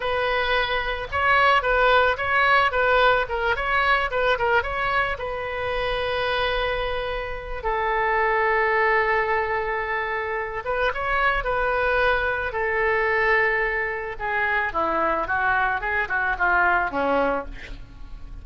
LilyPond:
\new Staff \with { instrumentName = "oboe" } { \time 4/4 \tempo 4 = 110 b'2 cis''4 b'4 | cis''4 b'4 ais'8 cis''4 b'8 | ais'8 cis''4 b'2~ b'8~ | b'2 a'2~ |
a'2.~ a'8 b'8 | cis''4 b'2 a'4~ | a'2 gis'4 e'4 | fis'4 gis'8 fis'8 f'4 cis'4 | }